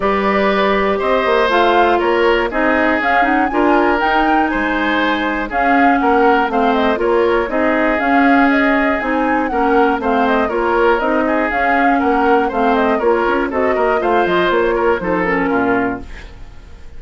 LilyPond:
<<
  \new Staff \with { instrumentName = "flute" } { \time 4/4 \tempo 4 = 120 d''2 dis''4 f''4 | cis''4 dis''4 f''8 fis''8 gis''4 | g''4 gis''2 f''4 | fis''4 f''8 dis''8 cis''4 dis''4 |
f''4 dis''4 gis''4 fis''4 | f''8 dis''8 cis''4 dis''4 f''4 | fis''4 f''8 dis''8 cis''4 dis''4 | f''8 dis''8 cis''4 c''8 ais'4. | }
  \new Staff \with { instrumentName = "oboe" } { \time 4/4 b'2 c''2 | ais'4 gis'2 ais'4~ | ais'4 c''2 gis'4 | ais'4 c''4 ais'4 gis'4~ |
gis'2. ais'4 | c''4 ais'4. gis'4. | ais'4 c''4 ais'4 a'8 ais'8 | c''4. ais'8 a'4 f'4 | }
  \new Staff \with { instrumentName = "clarinet" } { \time 4/4 g'2. f'4~ | f'4 dis'4 cis'8 dis'8 f'4 | dis'2. cis'4~ | cis'4 c'4 f'4 dis'4 |
cis'2 dis'4 cis'4 | c'4 f'4 dis'4 cis'4~ | cis'4 c'4 f'4 fis'4 | f'2 dis'8 cis'4. | }
  \new Staff \with { instrumentName = "bassoon" } { \time 4/4 g2 c'8 ais8 a4 | ais4 c'4 cis'4 d'4 | dis'4 gis2 cis'4 | ais4 a4 ais4 c'4 |
cis'2 c'4 ais4 | a4 ais4 c'4 cis'4 | ais4 a4 ais8 cis'8 c'8 ais8 | a8 f8 ais4 f4 ais,4 | }
>>